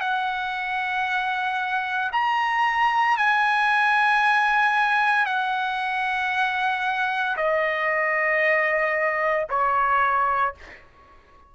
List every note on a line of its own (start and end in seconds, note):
0.00 2.11 F#5
2.12 3.17 A#5
3.17 5.25 G#5
5.25 7.36 F#5
7.36 9.47 D#5
9.49 10.55 C#5